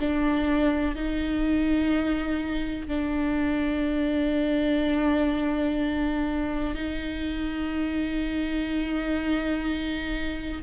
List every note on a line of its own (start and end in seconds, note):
0.00 0.96 D4
0.96 2.88 D#4
2.88 6.75 D4
6.75 10.62 D#4